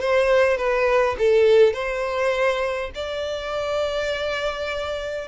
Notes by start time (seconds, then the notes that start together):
0.00 C5
0.57 B4
1.18 A4
1.73 C5
2.94 D5